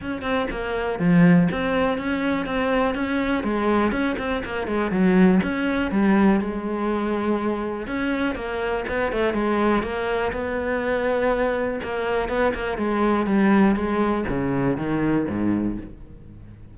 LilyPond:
\new Staff \with { instrumentName = "cello" } { \time 4/4 \tempo 4 = 122 cis'8 c'8 ais4 f4 c'4 | cis'4 c'4 cis'4 gis4 | cis'8 c'8 ais8 gis8 fis4 cis'4 | g4 gis2. |
cis'4 ais4 b8 a8 gis4 | ais4 b2. | ais4 b8 ais8 gis4 g4 | gis4 cis4 dis4 gis,4 | }